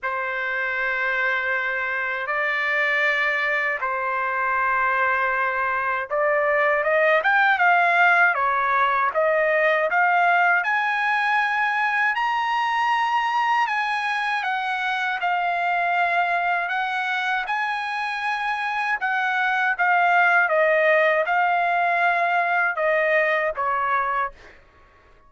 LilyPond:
\new Staff \with { instrumentName = "trumpet" } { \time 4/4 \tempo 4 = 79 c''2. d''4~ | d''4 c''2. | d''4 dis''8 g''8 f''4 cis''4 | dis''4 f''4 gis''2 |
ais''2 gis''4 fis''4 | f''2 fis''4 gis''4~ | gis''4 fis''4 f''4 dis''4 | f''2 dis''4 cis''4 | }